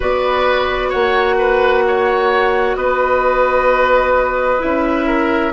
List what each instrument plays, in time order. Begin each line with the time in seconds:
0.00 bassoon B3, clarinet F#4, oboe B4, flute D5
0.89 bassoon A#3, oboe C#5, flute F#5
1.37 oboe B4
1.87 oboe C#5
2.76 bassoon B3, oboe B4, flute D#5
4.59 bassoon C#4, clarinet E4, flute E5
5.06 oboe A#4